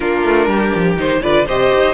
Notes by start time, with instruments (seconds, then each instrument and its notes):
0.00 cello A#3, viola D4, violin F4 A#4
0.23 cello A3
0.47 cello G3, violin G4
0.74 cello F3
0.96 cello D#3, viola D#4, violin C5
1.22 cello D3, viola F4, violin B4 D5
1.46 cello C3, viola G4, violin C5 D#5
1.73 cello D#4